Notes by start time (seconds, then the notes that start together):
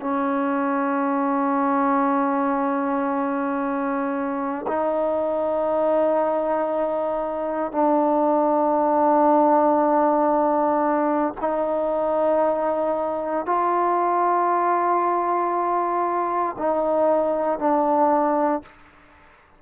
0.00 C#4
4.67 D#4
7.72 D4
11.40 D#4
13.46 F4
16.58 D#4
17.59 D4